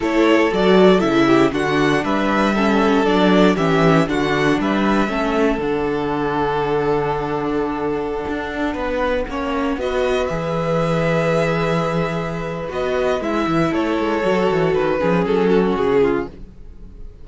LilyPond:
<<
  \new Staff \with { instrumentName = "violin" } { \time 4/4 \tempo 4 = 118 cis''4 d''4 e''4 fis''4 | e''2 d''4 e''4 | fis''4 e''2 fis''4~ | fis''1~ |
fis''2.~ fis''16 dis''8.~ | dis''16 e''2.~ e''8.~ | e''4 dis''4 e''4 cis''4~ | cis''4 b'4 a'4 gis'4 | }
  \new Staff \with { instrumentName = "violin" } { \time 4/4 a'2~ a'8 g'8 fis'4 | b'4 a'2 g'4 | fis'4 b'4 a'2~ | a'1~ |
a'4~ a'16 b'4 cis''4 b'8.~ | b'1~ | b'2. a'4~ | a'4. gis'4 fis'4 f'8 | }
  \new Staff \with { instrumentName = "viola" } { \time 4/4 e'4 fis'4 e'4 d'4~ | d'4 cis'4 d'4 cis'4 | d'2 cis'4 d'4~ | d'1~ |
d'2~ d'16 cis'4 fis'8.~ | fis'16 gis'2.~ gis'8.~ | gis'4 fis'4 e'2 | fis'4. cis'2~ cis'8 | }
  \new Staff \with { instrumentName = "cello" } { \time 4/4 a4 fis4 cis4 d4 | g2 fis4 e4 | d4 g4 a4 d4~ | d1~ |
d16 d'4 b4 ais4 b8.~ | b16 e2.~ e8.~ | e4 b4 gis8 e8 a8 gis8 | fis8 e8 dis8 f8 fis4 cis4 | }
>>